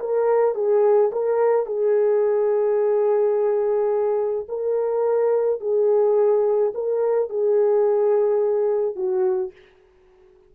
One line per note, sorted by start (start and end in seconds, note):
0.00 0.55 A#4
0.55 1.11 G#4
1.13 1.66 A#4
1.66 4.47 G#4
4.49 5.61 A#4
5.61 6.73 G#4
6.75 7.30 A#4
7.30 8.96 G#4
8.96 9.52 F#4